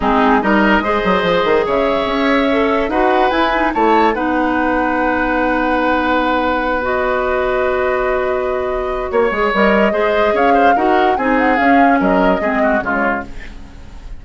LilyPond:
<<
  \new Staff \with { instrumentName = "flute" } { \time 4/4 \tempo 4 = 145 gis'4 dis''2. | e''2. fis''4 | gis''4 a''4 fis''2~ | fis''1~ |
fis''8 dis''2.~ dis''8~ | dis''2 cis''4 dis''4~ | dis''4 f''4 fis''4 gis''8 fis''8 | f''4 dis''2 cis''4 | }
  \new Staff \with { instrumentName = "oboe" } { \time 4/4 dis'4 ais'4 c''2 | cis''2. b'4~ | b'4 cis''4 b'2~ | b'1~ |
b'1~ | b'2 cis''2 | c''4 cis''8 c''8 ais'4 gis'4~ | gis'4 ais'4 gis'8 fis'8 f'4 | }
  \new Staff \with { instrumentName = "clarinet" } { \time 4/4 c'4 dis'4 gis'2~ | gis'2 a'4 fis'4 | e'8 dis'8 e'4 dis'2~ | dis'1~ |
dis'8 fis'2.~ fis'8~ | fis'2~ fis'8 gis'8 ais'4 | gis'2 fis'4 dis'4 | cis'2 c'4 gis4 | }
  \new Staff \with { instrumentName = "bassoon" } { \time 4/4 gis4 g4 gis8 fis8 f8 dis8 | cis4 cis'2 dis'4 | e'4 a4 b2~ | b1~ |
b1~ | b2 ais8 gis8 g4 | gis4 cis'4 dis'4 c'4 | cis'4 fis4 gis4 cis4 | }
>>